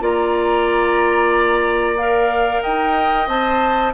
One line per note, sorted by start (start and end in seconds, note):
0.00 2.61 A#3
0.00 1.96 F4
0.00 2.62 D5
0.00 1.97 A#5
1.97 3.27 A#4
1.97 2.62 F5
2.62 3.27 D#4
2.62 3.93 D#5
2.62 3.28 G5
3.27 3.92 C4
3.27 3.92 C5
3.27 3.93 A5